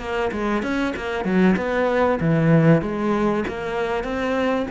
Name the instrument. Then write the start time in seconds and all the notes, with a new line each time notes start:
cello
0.00 A#3
0.32 G#3
0.63 C#4
0.97 A#3
1.25 F#3
1.57 B3
2.20 E3
2.82 G#3
3.48 A#3
4.04 C4